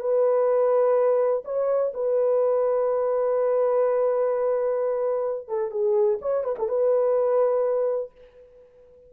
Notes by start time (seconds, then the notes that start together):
0.00 B4
1.44 C#5
1.94 B4
5.48 A4
5.71 G#4
6.21 C#5
6.44 B4
6.59 A4
6.68 B4